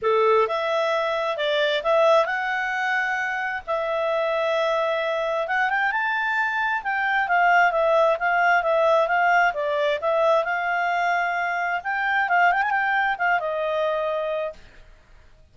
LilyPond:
\new Staff \with { instrumentName = "clarinet" } { \time 4/4 \tempo 4 = 132 a'4 e''2 d''4 | e''4 fis''2. | e''1 | fis''8 g''8 a''2 g''4 |
f''4 e''4 f''4 e''4 | f''4 d''4 e''4 f''4~ | f''2 g''4 f''8 g''16 gis''16 | g''4 f''8 dis''2~ dis''8 | }